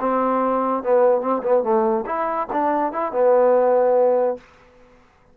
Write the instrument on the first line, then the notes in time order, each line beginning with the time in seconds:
trombone
0.00 C4
0.83 B3
1.21 C4
1.43 B3
1.63 A3
2.06 E4
2.52 D4
2.92 E4
3.12 B3